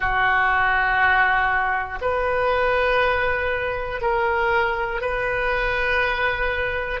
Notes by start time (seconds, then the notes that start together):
0.00 F#4
2.00 B4
4.00 A#4
5.01 B4